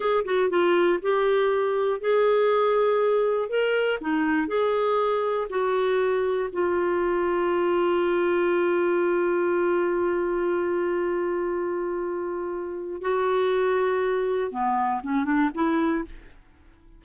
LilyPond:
\new Staff \with { instrumentName = "clarinet" } { \time 4/4 \tempo 4 = 120 gis'8 fis'8 f'4 g'2 | gis'2. ais'4 | dis'4 gis'2 fis'4~ | fis'4 f'2.~ |
f'1~ | f'1~ | f'2 fis'2~ | fis'4 b4 cis'8 d'8 e'4 | }